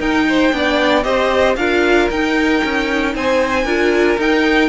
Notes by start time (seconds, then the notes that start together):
0.00 D#4 A#4 G5
0.29 C5
0.52 B3 D4 D5
1.04 C4 G4 C5 D#5
1.57 D4 F4 A#4 F5
2.11 D#4 G5
2.64 C#4
3.15 C4 C5 G#5
3.65 D4 F4 A#4
4.18 D#4 G5